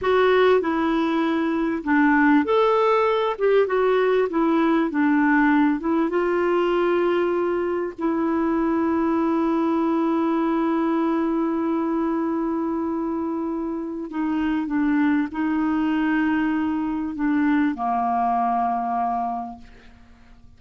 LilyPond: \new Staff \with { instrumentName = "clarinet" } { \time 4/4 \tempo 4 = 98 fis'4 e'2 d'4 | a'4. g'8 fis'4 e'4 | d'4. e'8 f'2~ | f'4 e'2.~ |
e'1~ | e'2. dis'4 | d'4 dis'2. | d'4 ais2. | }